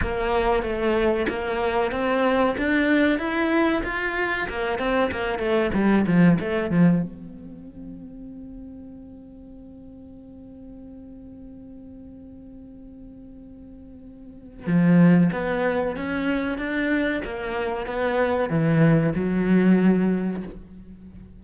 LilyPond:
\new Staff \with { instrumentName = "cello" } { \time 4/4 \tempo 4 = 94 ais4 a4 ais4 c'4 | d'4 e'4 f'4 ais8 c'8 | ais8 a8 g8 f8 a8 f8 c'4~ | c'1~ |
c'1~ | c'2. f4 | b4 cis'4 d'4 ais4 | b4 e4 fis2 | }